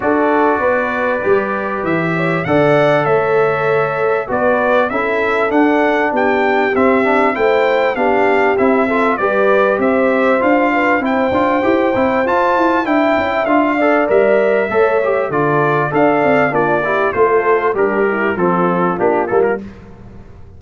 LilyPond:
<<
  \new Staff \with { instrumentName = "trumpet" } { \time 4/4 \tempo 4 = 98 d''2. e''4 | fis''4 e''2 d''4 | e''4 fis''4 g''4 e''4 | g''4 f''4 e''4 d''4 |
e''4 f''4 g''2 | a''4 g''4 f''4 e''4~ | e''4 d''4 f''4 d''4 | c''4 ais'4 a'4 g'8 a'16 ais'16 | }
  \new Staff \with { instrumentName = "horn" } { \time 4/4 a'4 b'2~ b'8 cis''8 | d''4 cis''2 b'4 | a'2 g'2 | c''4 g'4. a'8 b'4 |
c''4. b'8 c''2~ | c''4 e''4. d''4. | cis''4 a'4 d''4 f'8 g'8 | a'4 d'8 e'8 f'2 | }
  \new Staff \with { instrumentName = "trombone" } { \time 4/4 fis'2 g'2 | a'2. fis'4 | e'4 d'2 c'8 d'8 | e'4 d'4 e'8 f'8 g'4~ |
g'4 f'4 e'8 f'8 g'8 e'8 | f'4 e'4 f'8 a'8 ais'4 | a'8 g'8 f'4 a'4 d'8 e'8 | f'4 g'4 c'4 d'8 ais8 | }
  \new Staff \with { instrumentName = "tuba" } { \time 4/4 d'4 b4 g4 e4 | d4 a2 b4 | cis'4 d'4 b4 c'4 | a4 b4 c'4 g4 |
c'4 d'4 c'8 d'8 e'8 c'8 | f'8 e'8 d'8 cis'8 d'4 g4 | a4 d4 d'8 c'8 ais4 | a4 g4 f4 ais8 g8 | }
>>